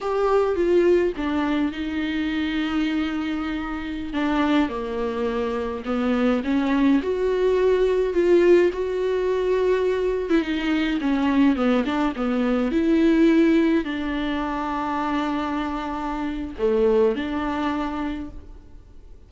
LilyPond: \new Staff \with { instrumentName = "viola" } { \time 4/4 \tempo 4 = 105 g'4 f'4 d'4 dis'4~ | dis'2.~ dis'16 d'8.~ | d'16 ais2 b4 cis'8.~ | cis'16 fis'2 f'4 fis'8.~ |
fis'2 e'16 dis'4 cis'8.~ | cis'16 b8 d'8 b4 e'4.~ e'16~ | e'16 d'2.~ d'8.~ | d'4 a4 d'2 | }